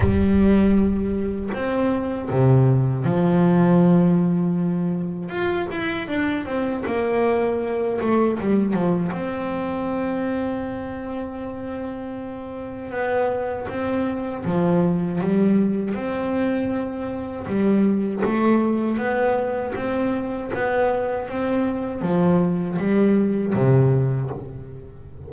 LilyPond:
\new Staff \with { instrumentName = "double bass" } { \time 4/4 \tempo 4 = 79 g2 c'4 c4 | f2. f'8 e'8 | d'8 c'8 ais4. a8 g8 f8 | c'1~ |
c'4 b4 c'4 f4 | g4 c'2 g4 | a4 b4 c'4 b4 | c'4 f4 g4 c4 | }